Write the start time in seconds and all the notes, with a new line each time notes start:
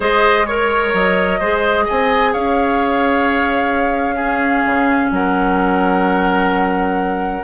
0.00 G#3 G#4 C5 D#5
0.46 A#4 C#5
0.93 F#3 D#5
1.39 G#3 G#4 C5
1.84 D#5 G#5
1.90 C4
2.32 C#4 C#5 F5
4.15 C#4 G#4
4.65 C#3
5.10 F#3 A#4 F#5